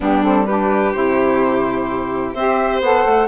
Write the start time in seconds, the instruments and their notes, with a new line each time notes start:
0.00 bassoon G3, saxophone B3, violin D4, flute G4
0.22 saxophone C4, flute A4
0.45 saxophone D4, violin G4, flute B4
0.92 bassoon C3, saxophone E4, flute C5
2.33 bassoon C4, saxophone G4, violin C5, flute E5
2.81 bassoon B3, saxophone A4, flute F#5
3.05 bassoon A3